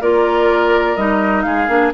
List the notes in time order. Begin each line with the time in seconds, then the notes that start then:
0.00 A#3 F4 A#4 D5
0.96 G3 D#4 D#5
1.42 G#3 G#4 F5
1.68 A#3 D4